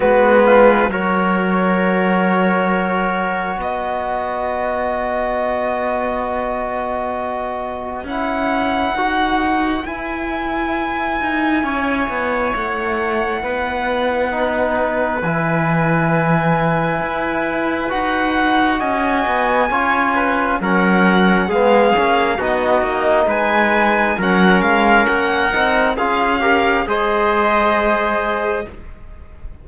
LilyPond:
<<
  \new Staff \with { instrumentName = "violin" } { \time 4/4 \tempo 4 = 67 b'4 cis''2. | dis''1~ | dis''4 fis''2 gis''4~ | gis''2 fis''2~ |
fis''4 gis''2. | fis''4 gis''2 fis''4 | f''4 dis''4 gis''4 fis''8 f''8 | fis''4 f''4 dis''2 | }
  \new Staff \with { instrumentName = "trumpet" } { \time 4/4 fis'8 f'8 ais'2. | b'1~ | b'1~ | b'4 cis''2 b'4~ |
b'1~ | b'4 dis''4 cis''8 b'8 ais'4 | gis'4 fis'4 b'4 ais'4~ | ais'4 gis'8 ais'8 c''2 | }
  \new Staff \with { instrumentName = "trombone" } { \time 4/4 b4 fis'2.~ | fis'1~ | fis'4 e'4 fis'4 e'4~ | e'1 |
dis'4 e'2. | fis'2 f'4 cis'4 | b8 cis'8 dis'2 cis'4~ | cis'8 dis'8 f'8 g'8 gis'2 | }
  \new Staff \with { instrumentName = "cello" } { \time 4/4 gis4 fis2. | b1~ | b4 cis'4 dis'4 e'4~ | e'8 dis'8 cis'8 b8 a4 b4~ |
b4 e2 e'4 | dis'4 cis'8 b8 cis'4 fis4 | gis8 ais8 b8 ais8 gis4 fis8 gis8 | ais8 c'8 cis'4 gis2 | }
>>